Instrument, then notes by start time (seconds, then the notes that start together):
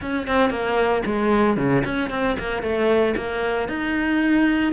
cello
0.01 C#4
0.27 C4
0.50 A#3
1.05 G#3
1.56 C#3
1.84 C#4
2.10 C4
2.39 A#3
2.62 A3
3.16 A#3
3.68 D#4